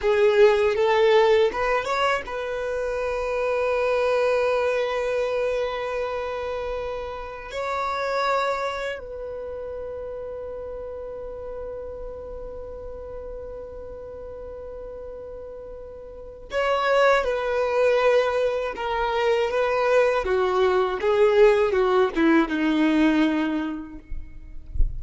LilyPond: \new Staff \with { instrumentName = "violin" } { \time 4/4 \tempo 4 = 80 gis'4 a'4 b'8 cis''8 b'4~ | b'1~ | b'2 cis''2 | b'1~ |
b'1~ | b'2 cis''4 b'4~ | b'4 ais'4 b'4 fis'4 | gis'4 fis'8 e'8 dis'2 | }